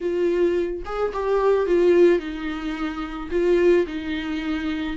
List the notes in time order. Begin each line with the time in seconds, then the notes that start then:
0.00 F4
0.85 G#4
1.13 G4
1.66 F4
2.19 D#4
3.31 F4
3.86 D#4